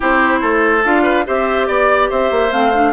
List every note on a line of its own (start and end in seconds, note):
0.00 0.42 C4
0.00 0.81 E4
0.00 0.39 G4
0.00 0.84 C5
0.41 0.84 A3
0.41 1.03 A4
0.84 1.26 D4
0.84 1.25 F4
0.84 1.26 F5
1.03 1.24 B4
1.25 1.68 C4
1.25 2.51 G4
1.25 1.67 C5
1.25 1.67 E5
1.67 2.10 B3
1.67 2.09 D5
2.09 2.30 C4
2.09 2.93 C5
2.09 2.52 E5
2.30 2.51 A#3
2.51 2.93 A3
2.51 2.72 C4
2.51 2.93 F5
2.74 2.93 D4